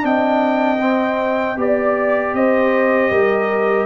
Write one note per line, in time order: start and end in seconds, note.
0.00 1.56 C4
0.00 0.77 D4
0.00 1.58 D#5
0.00 1.59 G5
0.80 1.57 C4
1.56 2.33 B3
1.56 3.86 G4
1.56 2.34 D5
1.56 2.37 D5
2.33 3.10 C4
2.33 3.11 C5
2.33 3.86 D#5
3.11 3.86 G3
3.11 3.86 A#4